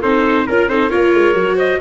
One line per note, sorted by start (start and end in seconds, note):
0.00 0.48 C4
0.00 0.47 D#4
0.00 0.44 A4
0.00 0.47 C5
0.47 0.69 C#4
0.47 0.70 F4
0.47 0.69 A#4
0.47 0.70 A#4
0.69 0.91 C4
0.69 0.90 D#4
0.69 0.90 A4
0.69 0.90 C5
0.90 1.14 A#3
0.90 1.34 F4
0.90 1.56 A#4
0.90 1.57 C#5
1.14 1.34 G#3
1.34 1.79 F#3
1.34 1.79 F#4
1.56 1.78 C5
1.56 1.81 D#5